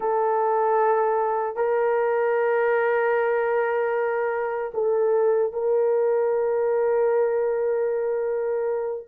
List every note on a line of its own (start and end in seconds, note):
0.00 1.56 A4
1.56 4.72 A#4
4.74 5.53 A4
5.53 9.08 A#4